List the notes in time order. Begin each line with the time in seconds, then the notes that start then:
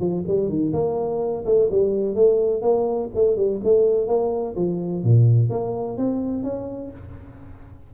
0.00 F3
0.28 G3
0.49 D#3
0.73 A#3
1.46 A3
1.71 G3
2.15 A3
2.62 A#3
3.15 A3
3.36 G3
3.64 A3
4.08 A#3
4.56 F3
5.04 A#2
5.50 A#3
5.98 C4
6.44 C#4